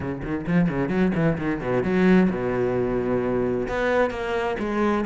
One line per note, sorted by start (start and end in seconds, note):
0.00 0.21 C#3
0.22 0.45 D#3
0.46 0.69 F3
0.69 0.88 C#3
0.88 1.11 F#3
1.15 1.37 E3
1.37 1.60 D#3
1.60 1.83 B2
1.83 2.29 F#3
2.30 3.67 B2
3.68 4.10 B3
4.10 4.56 A#3
4.59 5.04 G#3